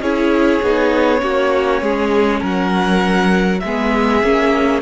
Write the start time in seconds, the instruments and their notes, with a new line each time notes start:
0.00 cello C#4, viola E4, violin G#4 C#5
0.62 cello B3, viola D#4
1.18 cello A#3, viola C#4, violin F#4
1.81 cello G#3, violin G#4
2.40 cello F#3, violin A#4 F#5
3.60 cello G#3, violin G#4 E5
3.66 viola B3
4.23 cello A#3, viola C#4